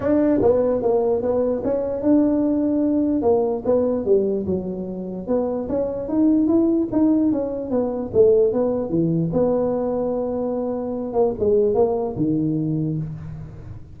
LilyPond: \new Staff \with { instrumentName = "tuba" } { \time 4/4 \tempo 4 = 148 d'4 b4 ais4 b4 | cis'4 d'2. | ais4 b4 g4 fis4~ | fis4 b4 cis'4 dis'4 |
e'4 dis'4 cis'4 b4 | a4 b4 e4 b4~ | b2.~ b8 ais8 | gis4 ais4 dis2 | }